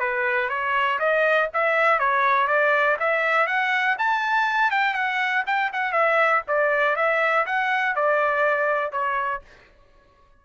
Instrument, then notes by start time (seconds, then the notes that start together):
trumpet
0.00 B4
0.50 C#5
0.99 D#5
1.54 E5
2.00 C#5
2.48 D5
3.00 E5
3.47 F#5
3.98 A5
4.71 G5
4.94 F#5
5.47 G5
5.73 F#5
5.93 E5
6.48 D5
6.96 E5
7.46 F#5
7.96 D5
8.92 C#5